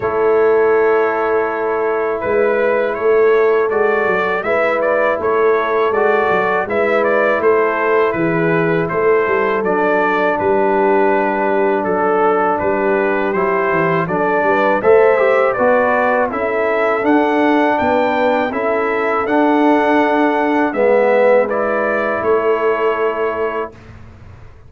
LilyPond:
<<
  \new Staff \with { instrumentName = "trumpet" } { \time 4/4 \tempo 4 = 81 cis''2. b'4 | cis''4 d''4 e''8 d''8 cis''4 | d''4 e''8 d''8 c''4 b'4 | c''4 d''4 b'2 |
a'4 b'4 c''4 d''4 | e''4 d''4 e''4 fis''4 | g''4 e''4 fis''2 | e''4 d''4 cis''2 | }
  \new Staff \with { instrumentName = "horn" } { \time 4/4 a'2. b'4 | a'2 b'4 a'4~ | a'4 b'4 a'4 gis'4 | a'2 g'2 |
a'4 g'2 a'8 b'8 | c''4 b'4 a'2 | b'4 a'2. | b'2 a'2 | }
  \new Staff \with { instrumentName = "trombone" } { \time 4/4 e'1~ | e'4 fis'4 e'2 | fis'4 e'2.~ | e'4 d'2.~ |
d'2 e'4 d'4 | a'8 g'8 fis'4 e'4 d'4~ | d'4 e'4 d'2 | b4 e'2. | }
  \new Staff \with { instrumentName = "tuba" } { \time 4/4 a2. gis4 | a4 gis8 fis8 gis4 a4 | gis8 fis8 gis4 a4 e4 | a8 g8 fis4 g2 |
fis4 g4 fis8 e8 fis8 g8 | a4 b4 cis'4 d'4 | b4 cis'4 d'2 | gis2 a2 | }
>>